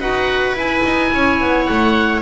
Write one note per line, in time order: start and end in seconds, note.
0.00 0.54 D#4
0.00 0.56 F#4
0.00 1.11 B4
0.00 0.56 F#5
0.54 0.82 E4
0.54 2.22 E4
0.54 1.66 G#5
0.85 1.13 D#4
1.13 1.41 C#4
1.13 2.22 C#5
1.41 1.68 B3
1.66 2.22 A3
1.66 2.21 F#5